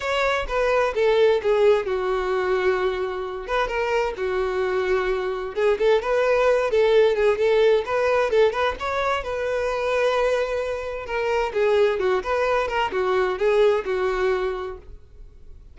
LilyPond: \new Staff \with { instrumentName = "violin" } { \time 4/4 \tempo 4 = 130 cis''4 b'4 a'4 gis'4 | fis'2.~ fis'8 b'8 | ais'4 fis'2. | gis'8 a'8 b'4. a'4 gis'8 |
a'4 b'4 a'8 b'8 cis''4 | b'1 | ais'4 gis'4 fis'8 b'4 ais'8 | fis'4 gis'4 fis'2 | }